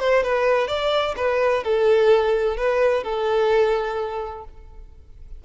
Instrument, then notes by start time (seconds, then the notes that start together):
violin
0.00 C5
0.24 B4
0.68 D5
1.17 B4
1.64 A4
2.57 B4
3.04 A4